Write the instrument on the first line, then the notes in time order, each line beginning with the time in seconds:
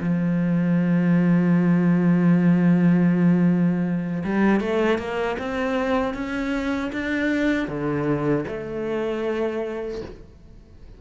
cello
0.00 F3
4.24 G3
4.60 A3
4.98 A#3
5.39 C4
6.14 C#4
6.93 D4
7.68 D3
8.48 A3